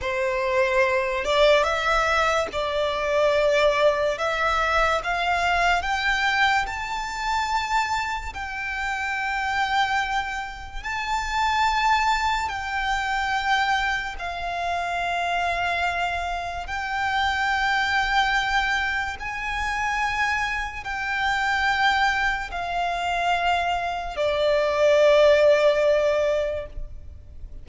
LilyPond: \new Staff \with { instrumentName = "violin" } { \time 4/4 \tempo 4 = 72 c''4. d''8 e''4 d''4~ | d''4 e''4 f''4 g''4 | a''2 g''2~ | g''4 a''2 g''4~ |
g''4 f''2. | g''2. gis''4~ | gis''4 g''2 f''4~ | f''4 d''2. | }